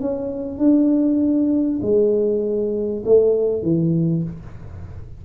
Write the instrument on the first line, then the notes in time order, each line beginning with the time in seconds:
tuba
0.00 C#4
0.58 D4
1.82 G#3
3.05 A3
3.62 E3